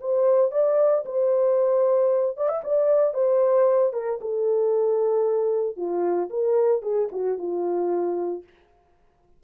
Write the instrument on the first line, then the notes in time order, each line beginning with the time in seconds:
horn
0.00 C5
0.51 D5
1.05 C5
2.37 D5
2.48 E5
2.64 D5
3.14 C5
3.93 A#4
4.21 A4
5.77 F4
6.30 A#4
6.82 G#4
7.11 F#4
7.38 F4